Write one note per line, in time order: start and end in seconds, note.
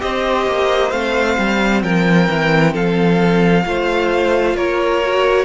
0.00 0.47 C4
0.00 0.91 G4
0.00 1.84 C5
0.00 0.91 D#5
0.47 0.92 A#3
0.91 1.38 A3
0.91 3.64 C4
0.91 1.82 F5
1.38 1.83 G3
1.83 2.29 F3
1.83 2.73 A#4
1.83 2.74 G5
2.29 2.74 E3
2.73 3.65 F3
2.73 3.64 A4
2.73 4.57 F5
3.66 4.55 A3
3.66 5.03 F4
3.66 4.56 C5
4.55 5.46 A#3
4.55 5.46 A#4
4.55 5.46 C#5
5.03 5.46 F#4